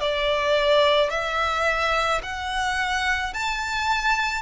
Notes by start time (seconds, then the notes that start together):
0.00 D5
1.10 E5
2.22 F#5
3.33 A5